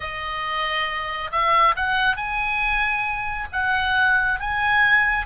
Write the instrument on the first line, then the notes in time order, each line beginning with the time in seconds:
oboe
0.00 D#5
1.31 E5
1.76 F#5
2.16 G#5
3.52 F#5
4.40 G#5